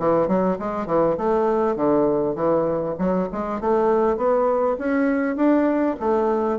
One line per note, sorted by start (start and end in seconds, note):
0.00 0.28 E3
0.28 0.58 F#3
0.59 0.87 G#3
0.87 1.17 E3
1.18 1.76 A3
1.76 2.36 D3
2.36 2.96 E3
2.99 3.29 F#3
3.33 3.61 G#3
3.61 4.17 A3
4.17 4.77 B3
4.79 5.36 C#4
5.36 5.96 D4
6.00 6.59 A3